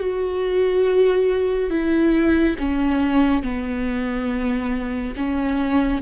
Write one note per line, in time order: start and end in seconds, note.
0.00 1.71 F#4
1.71 2.56 E4
2.59 3.43 C#4
3.43 5.15 B3
5.17 6.03 C#4